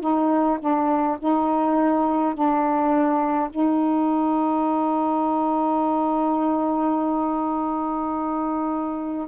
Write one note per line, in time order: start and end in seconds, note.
0.00 0.58 D#4
0.59 1.17 D4
1.19 2.34 D#4
2.34 3.49 D4
3.50 9.27 D#4